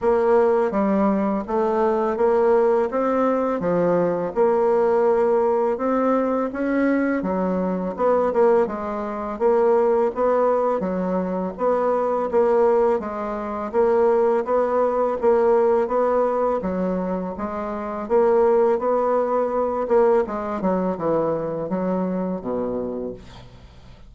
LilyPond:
\new Staff \with { instrumentName = "bassoon" } { \time 4/4 \tempo 4 = 83 ais4 g4 a4 ais4 | c'4 f4 ais2 | c'4 cis'4 fis4 b8 ais8 | gis4 ais4 b4 fis4 |
b4 ais4 gis4 ais4 | b4 ais4 b4 fis4 | gis4 ais4 b4. ais8 | gis8 fis8 e4 fis4 b,4 | }